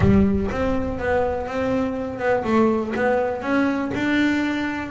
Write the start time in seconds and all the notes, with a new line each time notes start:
0.00 G3
0.51 C4
0.99 B3
1.47 C4
2.18 B3
2.43 A3
2.95 B3
3.42 C#4
3.94 D4